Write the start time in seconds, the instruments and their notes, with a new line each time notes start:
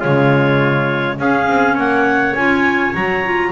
0.00 double bass C#3, clarinet G#3 C#5, trumpet F4
1.18 double bass C#4, clarinet C#4 F5, trumpet G#4
1.48 double bass C4
1.74 double bass A#3, trumpet C#5, clarinet F#5
2.35 double bass C#4, clarinet F4 G#5
2.94 double bass F#3, clarinet F#4 A#5
3.25 clarinet F4